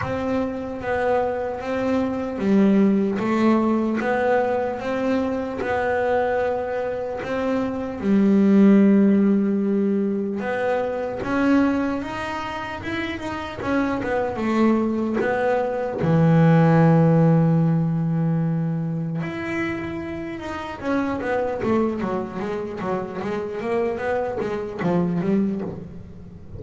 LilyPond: \new Staff \with { instrumentName = "double bass" } { \time 4/4 \tempo 4 = 75 c'4 b4 c'4 g4 | a4 b4 c'4 b4~ | b4 c'4 g2~ | g4 b4 cis'4 dis'4 |
e'8 dis'8 cis'8 b8 a4 b4 | e1 | e'4. dis'8 cis'8 b8 a8 fis8 | gis8 fis8 gis8 ais8 b8 gis8 f8 g8 | }